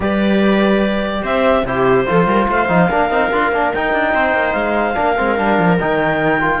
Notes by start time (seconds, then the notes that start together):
0.00 G3 G4 B4 D5
1.22 C4 C5 E5
1.63 C3 E4 G4 C5
2.06 F3 F4 A4
2.26 G3 A#4
2.48 A3 C5 F5
2.68 F3 D#4
2.90 A#3 D4 A#4
3.10 C4 D#4
3.31 D4 F4
3.51 A#3 D4
3.73 D#4 G5
3.93 D4
4.13 C4 C5
4.33 A#3
4.52 G#3 F5
4.94 A#3 D4 A#4
5.17 G#3 C4
5.37 G3 D4
5.58 F3
5.80 D#3 D#4 G5
6.40 F4